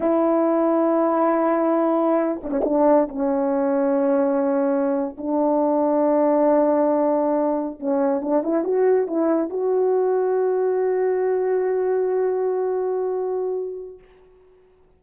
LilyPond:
\new Staff \with { instrumentName = "horn" } { \time 4/4 \tempo 4 = 137 e'1~ | e'4. d'16 cis'16 d'4 cis'4~ | cis'2.~ cis'8. d'16~ | d'1~ |
d'4.~ d'16 cis'4 d'8 e'8 fis'16~ | fis'8. e'4 fis'2~ fis'16~ | fis'1~ | fis'1 | }